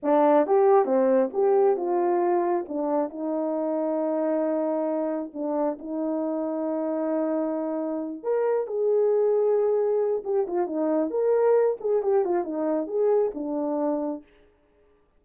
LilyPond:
\new Staff \with { instrumentName = "horn" } { \time 4/4 \tempo 4 = 135 d'4 g'4 c'4 g'4 | f'2 d'4 dis'4~ | dis'1 | d'4 dis'2.~ |
dis'2~ dis'8 ais'4 gis'8~ | gis'2. g'8 f'8 | dis'4 ais'4. gis'8 g'8 f'8 | dis'4 gis'4 d'2 | }